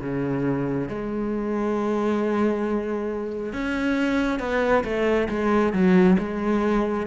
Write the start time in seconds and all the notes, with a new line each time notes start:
0.00 C#3
0.88 G#3
3.53 C#4
4.39 B3
4.84 A3
5.29 G#3
5.73 F#3
6.18 G#3